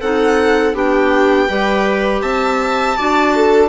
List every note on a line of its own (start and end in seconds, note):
0.00 0.74 C4
0.00 0.74 D#4
0.00 0.75 A4
0.00 0.75 F#5
0.74 1.48 B3
0.74 1.48 D4
0.74 1.48 G4
0.74 2.21 G5
1.48 2.22 G3
1.48 2.97 G4
1.48 2.22 B4
2.21 2.96 C4
2.21 2.96 E5
2.21 3.69 A5
2.97 3.69 D4
2.97 3.69 F#4
2.97 3.34 D5
3.35 3.69 A4